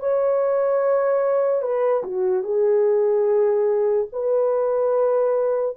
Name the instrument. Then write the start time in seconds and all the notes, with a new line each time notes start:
horn
0.00 C#5
1.63 B4
2.04 F#4
2.43 G#4
4.12 B4